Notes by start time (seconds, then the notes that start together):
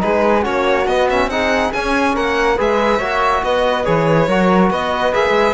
0.00 G#3 D#4 G#4 B4
0.42 A#3 C#4 F#4 C#5
0.87 B3 D#5
1.09 C#4 E5
1.27 C4 D#4 G#4 F#5
1.73 C#4 G#5
2.14 A#3 A#4 F#5
2.57 G#3 G#4 B4 E5
2.98 A#3 F#4 C#5
3.43 B3 B4 D#5
3.84 E3 G#4 C#5
4.27 F#3 F#4 A#4
4.70 B3 B4 D#5
5.13 A#3 G#4 E5
5.30 G#3